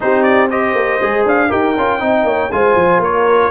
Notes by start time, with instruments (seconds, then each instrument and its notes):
0.00 tuba C4, trombone D#4, horn G4, trumpet C5
0.23 trumpet D5
0.49 trombone G4, horn C5, trumpet D#5
0.74 tuba A#3
1.02 tuba G#3, trombone G#4
1.25 tuba D4, trumpet F5
1.48 tuba D#4, trombone G4, horn A#4, trumpet G5
1.77 tuba C#4, trombone F4
1.99 tuba C4, trombone D#4, horn D#5
2.23 tuba A#3, horn C#5
2.51 tuba G#3, trombone F4, horn C5, trumpet G#5
2.75 tuba F3
2.98 tuba A#3, horn A#4, trumpet C#5